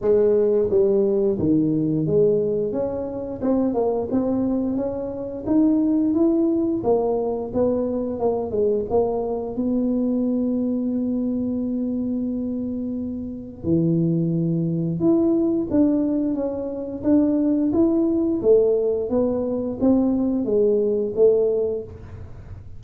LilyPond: \new Staff \with { instrumentName = "tuba" } { \time 4/4 \tempo 4 = 88 gis4 g4 dis4 gis4 | cis'4 c'8 ais8 c'4 cis'4 | dis'4 e'4 ais4 b4 | ais8 gis8 ais4 b2~ |
b1 | e2 e'4 d'4 | cis'4 d'4 e'4 a4 | b4 c'4 gis4 a4 | }